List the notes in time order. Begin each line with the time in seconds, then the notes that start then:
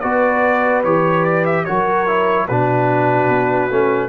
0.00 B3 F#4 B4 D5
0.84 E3 G4 C#5
1.24 D5
1.45 E5
1.65 F#3 F#4 A#4 C#5
2.07 E4
2.46 B2 D4 F#4 B4
3.29 B3
3.70 A3 C#4